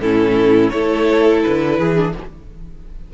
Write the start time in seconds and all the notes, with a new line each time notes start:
0.00 A2 C#4 E4 A4
0.69 A3 E4 A4 C#5
1.42 D3 B4
1.78 E3 G#4
1.95 D4